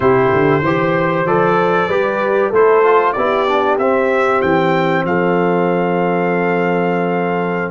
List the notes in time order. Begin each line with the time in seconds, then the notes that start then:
0.00 C3 E4 G4 C5
0.32 D3
0.62 E3 G4 C5
1.25 F3 A4 D5
1.88 G3 G4 B4
2.49 A3 E4 A4 C5
2.83 F4
3.12 B3 E4 G4 D5
3.47 D4
3.78 C4 E5
4.41 E3 G5
5.04 F3 A4 F5